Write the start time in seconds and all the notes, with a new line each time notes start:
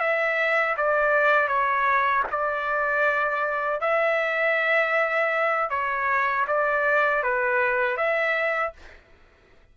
0.00 E5
0.77 D5
1.48 C#5
2.31 D5
3.81 E5
5.70 C#5
6.47 D5
7.23 B4
7.97 E5